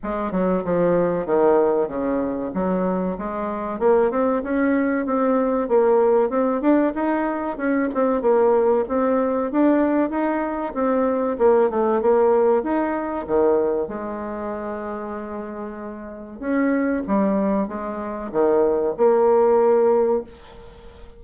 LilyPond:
\new Staff \with { instrumentName = "bassoon" } { \time 4/4 \tempo 4 = 95 gis8 fis8 f4 dis4 cis4 | fis4 gis4 ais8 c'8 cis'4 | c'4 ais4 c'8 d'8 dis'4 | cis'8 c'8 ais4 c'4 d'4 |
dis'4 c'4 ais8 a8 ais4 | dis'4 dis4 gis2~ | gis2 cis'4 g4 | gis4 dis4 ais2 | }